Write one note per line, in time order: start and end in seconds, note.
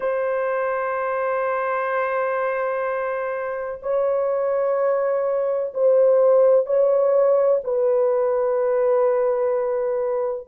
0.00 3.80 C5
3.82 5.73 C#5
5.74 6.66 C5
6.66 7.61 C#5
7.64 10.47 B4